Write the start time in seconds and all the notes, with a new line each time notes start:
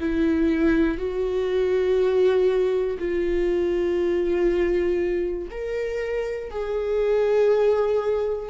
0.00 E4
0.98 F#4
2.99 F4
5.50 A#4
6.51 G#4